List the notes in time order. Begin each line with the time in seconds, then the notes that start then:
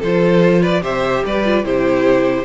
0.00 F3 F4 A4 C5
0.61 B4 D5
0.82 C3 G4 C5 E5
1.25 G3 B4 D5
1.45 F4
1.63 C3 E4 G4 C5